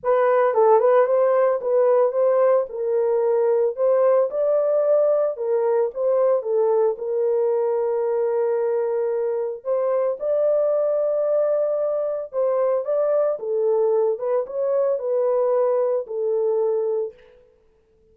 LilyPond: \new Staff \with { instrumentName = "horn" } { \time 4/4 \tempo 4 = 112 b'4 a'8 b'8 c''4 b'4 | c''4 ais'2 c''4 | d''2 ais'4 c''4 | a'4 ais'2.~ |
ais'2 c''4 d''4~ | d''2. c''4 | d''4 a'4. b'8 cis''4 | b'2 a'2 | }